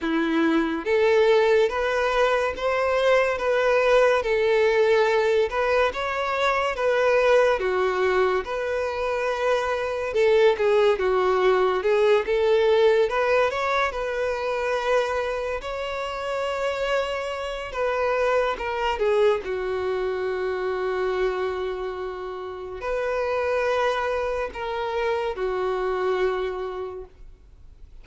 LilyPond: \new Staff \with { instrumentName = "violin" } { \time 4/4 \tempo 4 = 71 e'4 a'4 b'4 c''4 | b'4 a'4. b'8 cis''4 | b'4 fis'4 b'2 | a'8 gis'8 fis'4 gis'8 a'4 b'8 |
cis''8 b'2 cis''4.~ | cis''4 b'4 ais'8 gis'8 fis'4~ | fis'2. b'4~ | b'4 ais'4 fis'2 | }